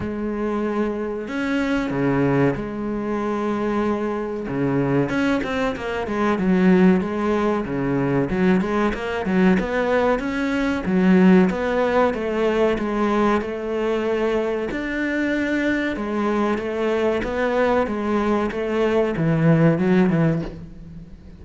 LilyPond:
\new Staff \with { instrumentName = "cello" } { \time 4/4 \tempo 4 = 94 gis2 cis'4 cis4 | gis2. cis4 | cis'8 c'8 ais8 gis8 fis4 gis4 | cis4 fis8 gis8 ais8 fis8 b4 |
cis'4 fis4 b4 a4 | gis4 a2 d'4~ | d'4 gis4 a4 b4 | gis4 a4 e4 fis8 e8 | }